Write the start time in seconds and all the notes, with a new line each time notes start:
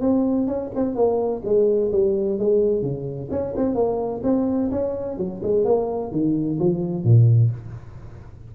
0.00 C4
0.47 C#4
0.75 C4
0.95 A#3
1.45 G#3
1.92 G3
2.38 G#3
2.82 C#3
3.30 C#4
3.56 C4
3.74 A#3
4.23 C4
4.71 C#4
5.17 F#3
5.42 G#3
5.65 A#3
6.11 D#3
6.59 F3
7.04 A#2